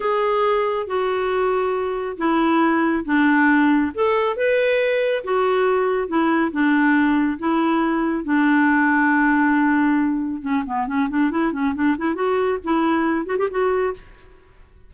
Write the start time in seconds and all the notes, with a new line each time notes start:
0.00 G#4
0.86 F#4
2.17 E4
3.05 D4
3.94 A4
4.36 B4
5.24 F#4
6.08 E4
6.51 D4
7.39 E4
8.24 D4
10.41 C#4
10.66 B3
10.87 C#4
11.09 D4
11.30 E4
11.52 C#4
11.75 D4
11.97 E4
12.14 F#4
12.63 E4
13.25 F#4
13.38 G4
13.50 F#4